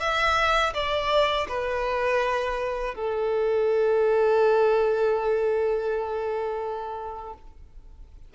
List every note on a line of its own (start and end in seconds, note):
0.00 0.73 E5
0.74 1.47 D5
1.48 2.95 B4
2.95 7.34 A4